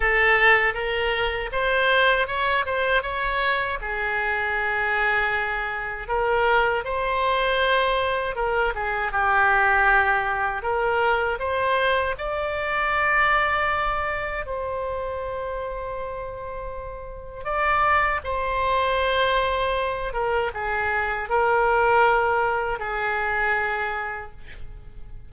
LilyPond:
\new Staff \with { instrumentName = "oboe" } { \time 4/4 \tempo 4 = 79 a'4 ais'4 c''4 cis''8 c''8 | cis''4 gis'2. | ais'4 c''2 ais'8 gis'8 | g'2 ais'4 c''4 |
d''2. c''4~ | c''2. d''4 | c''2~ c''8 ais'8 gis'4 | ais'2 gis'2 | }